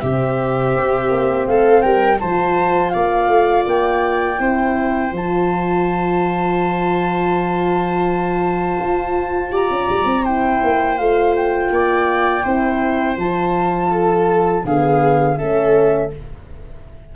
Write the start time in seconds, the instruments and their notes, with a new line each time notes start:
0.00 tuba C3, horn C4, viola G4, flute E5
0.76 tuba C4
1.10 tuba A#3
1.47 tuba A3, viola A4, flute F5
1.81 tuba G3, viola A#4, flute G5
2.19 tuba F3, horn F4, viola C5, flute A5
2.89 tuba A#3, viola D5, flute F5
3.28 tuba A3
3.66 tuba A#3, flute G5
4.38 tuba C4, horn E4, viola C5
5.11 tuba F3, horn F4, flute A5
8.79 tuba F4
9.51 tuba G4, viola D5, flute A#5
9.70 tuba C#4
9.89 tuba G3
10.04 tuba C4
10.22 horn E4, viola C5, flute G5
10.63 tuba A#3
10.97 tuba A3, horn F4, flute F5
11.35 flute G5
11.70 tuba A#3, viola D5
12.43 tuba C4, horn E4, viola C5
13.16 tuba F3, horn F4, flute A5
13.90 viola A4
14.64 tuba D3, horn B3, viola G#4, flute F5
15.37 tuba A3, horn C#4, viola A4, flute E5